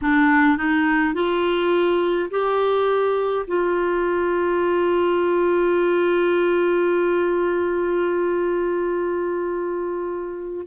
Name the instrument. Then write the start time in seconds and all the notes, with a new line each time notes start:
clarinet
0.01 D4
0.57 D#4
1.14 F4
2.30 G4
3.47 F4